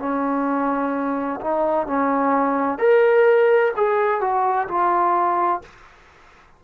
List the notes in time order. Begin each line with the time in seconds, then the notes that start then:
0.00 C#4
1.41 D#4
1.87 C#4
2.79 A#4
3.77 G#4
4.21 F#4
4.68 F4